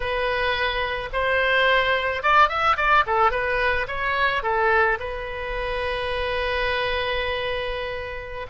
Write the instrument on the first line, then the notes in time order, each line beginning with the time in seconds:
oboe
0.00 B4
1.12 C5
2.22 D5
2.48 E5
2.76 D5
3.06 A4
3.31 B4
3.87 C#5
4.42 A4
4.99 B4